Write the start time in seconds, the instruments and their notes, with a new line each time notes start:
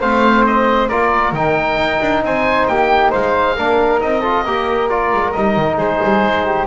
0.00 double bass A3, trombone C4, flute C5, oboe F5
0.46 oboe D#5
0.89 double bass A#3, trombone F4, flute A#4, oboe D5
1.32 double bass D#3, trombone D#4, oboe G5
1.77 double bass D#4
2.01 double bass D4
2.23 double bass C4, flute C5, oboe G#5
2.67 double bass A#3, flute G4, oboe G5
3.11 double bass G#3, flute C5, oboe F5
3.56 double bass A#3, trombone D4, flute A#4
4.00 double bass C4, trombone D#4, oboe D#5
4.21 trombone F4, flute A4
4.45 double bass A#3, trombone G4, flute A#4
4.89 trombone F4, oboe D5
5.12 double bass G#3
5.32 double bass G3, trombone D#4, oboe D#5
5.56 double bass D#3
5.78 double bass G#3, flute G#4, oboe C5
6.03 double bass G3
6.24 double bass G#3
6.45 flute G4